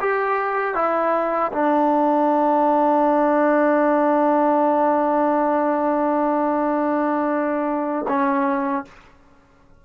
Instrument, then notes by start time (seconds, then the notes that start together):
trombone
0.00 G4
0.75 E4
1.52 D4
8.08 C#4